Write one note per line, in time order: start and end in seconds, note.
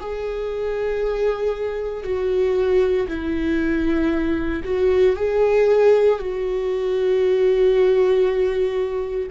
0.00 2.04 G#4
2.04 3.08 F#4
3.08 4.64 E4
4.65 5.16 F#4
5.16 6.20 G#4
6.20 9.30 F#4